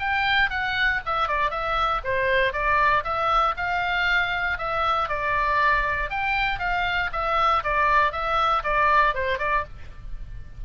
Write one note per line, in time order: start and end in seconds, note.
0.00 0.50 G5
0.50 1.01 F#5
1.06 1.28 E5
1.28 1.51 D5
1.51 2.02 E5
2.05 2.53 C5
2.53 3.04 D5
3.04 3.55 E5
3.57 4.58 F5
4.58 5.09 E5
5.09 6.10 D5
6.10 6.60 G5
6.60 7.10 F5
7.13 7.63 E5
7.64 8.12 D5
8.12 8.63 E5
8.64 9.15 D5
9.15 9.39 C5
9.39 9.64 D5